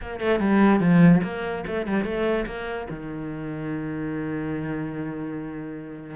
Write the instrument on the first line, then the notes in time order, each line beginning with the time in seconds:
cello
0.01 A#3
0.20 A3
0.39 G3
0.80 F3
1.23 A#3
1.66 A3
1.86 G3
2.04 A3
2.46 A#3
2.90 D#3